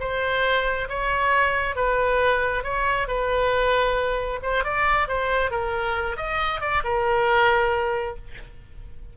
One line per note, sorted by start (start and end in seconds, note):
0.00 0.88 C5
0.88 1.75 C#5
1.75 2.64 B4
2.64 3.07 C#5
3.07 4.40 B4
4.42 4.64 C5
4.64 5.08 D5
5.08 5.51 C5
5.51 6.16 A#4
6.16 6.61 D#5
6.61 6.82 D5
6.84 8.16 A#4